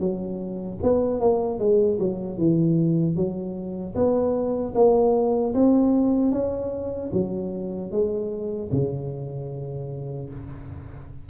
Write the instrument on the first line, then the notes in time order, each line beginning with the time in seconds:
tuba
0.00 F#3
0.83 B3
1.21 A#3
1.60 G#3
2.00 F#3
2.38 E3
3.16 F#3
3.95 B3
4.75 A#3
5.54 C4
6.32 C#4
7.13 F#3
7.92 G#3
8.72 C#3